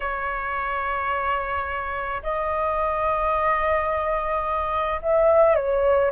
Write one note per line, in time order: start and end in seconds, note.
0.00 2.22 C#5
2.22 5.00 D#5
5.01 5.55 E5
5.55 6.11 C#5